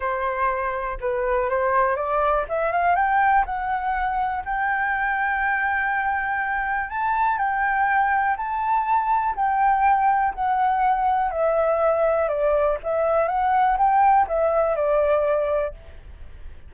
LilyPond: \new Staff \with { instrumentName = "flute" } { \time 4/4 \tempo 4 = 122 c''2 b'4 c''4 | d''4 e''8 f''8 g''4 fis''4~ | fis''4 g''2.~ | g''2 a''4 g''4~ |
g''4 a''2 g''4~ | g''4 fis''2 e''4~ | e''4 d''4 e''4 fis''4 | g''4 e''4 d''2 | }